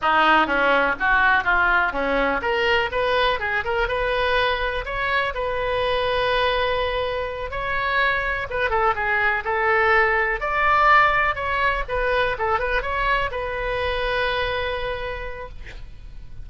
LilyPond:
\new Staff \with { instrumentName = "oboe" } { \time 4/4 \tempo 4 = 124 dis'4 cis'4 fis'4 f'4 | cis'4 ais'4 b'4 gis'8 ais'8 | b'2 cis''4 b'4~ | b'2.~ b'8 cis''8~ |
cis''4. b'8 a'8 gis'4 a'8~ | a'4. d''2 cis''8~ | cis''8 b'4 a'8 b'8 cis''4 b'8~ | b'1 | }